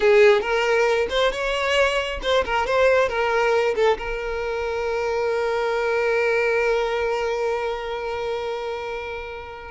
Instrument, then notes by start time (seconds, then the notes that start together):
violin
0.00 G#4
0.41 A#4
1.09 C5
1.32 C#5
2.22 C5
2.45 A#4
2.66 C5
3.08 A#4
3.75 A4
3.97 A#4